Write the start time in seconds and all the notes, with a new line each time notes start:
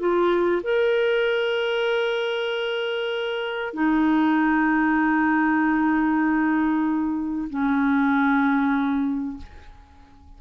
0.00 F4
0.64 A#4
3.74 D#4
7.50 C#4